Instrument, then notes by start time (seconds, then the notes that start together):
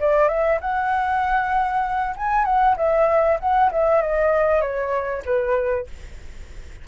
flute
0.00 D5
0.28 E5
0.60 F#5
2.16 G#5
2.45 F#5
2.77 E5
3.40 F#5
3.71 E5
4.01 D#5
4.61 C#5
5.25 B4